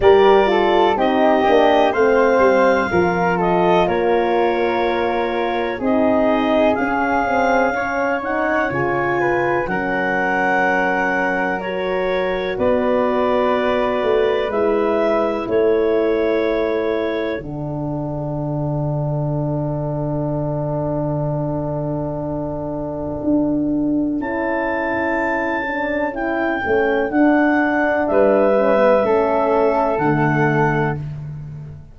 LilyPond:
<<
  \new Staff \with { instrumentName = "clarinet" } { \time 4/4 \tempo 4 = 62 d''4 dis''4 f''4. dis''8 | cis''2 dis''4 f''4~ | f''8 fis''8 gis''4 fis''2 | cis''4 d''2 e''4 |
cis''2 fis''2~ | fis''1~ | fis''4 a''2 g''4 | fis''4 e''2 fis''4 | }
  \new Staff \with { instrumentName = "flute" } { \time 4/4 ais'8 a'8 g'4 c''4 ais'8 a'8 | ais'2 gis'2 | cis''4. b'8 ais'2~ | ais'4 b'2. |
a'1~ | a'1~ | a'1~ | a'4 b'4 a'2 | }
  \new Staff \with { instrumentName = "horn" } { \time 4/4 g'8 f'8 dis'8 d'8 c'4 f'4~ | f'2 dis'4 cis'8 c'8 | cis'8 dis'8 f'4 cis'2 | fis'2. e'4~ |
e'2 d'2~ | d'1~ | d'4 e'4. d'8 e'8 cis'8 | d'4. cis'16 b16 cis'4 a4 | }
  \new Staff \with { instrumentName = "tuba" } { \time 4/4 g4 c'8 ais8 a8 g8 f4 | ais2 c'4 cis'4~ | cis'4 cis4 fis2~ | fis4 b4. a8 gis4 |
a2 d2~ | d1 | d'4 cis'2~ cis'8 a8 | d'4 g4 a4 d4 | }
>>